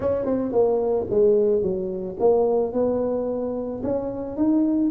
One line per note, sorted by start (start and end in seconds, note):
0.00 0.25 C#4
0.25 0.52 C4
0.52 1.06 A#3
1.09 1.61 G#3
1.61 2.16 F#3
2.19 2.72 A#3
2.72 3.82 B3
3.83 4.36 C#4
4.36 4.90 D#4